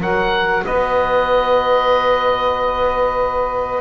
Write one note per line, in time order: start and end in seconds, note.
0.00 0.65 F#3
0.00 3.81 F#4
0.00 0.64 A#4
0.00 0.65 F#5
0.65 3.81 B3
0.65 3.81 B4
0.65 3.81 D#5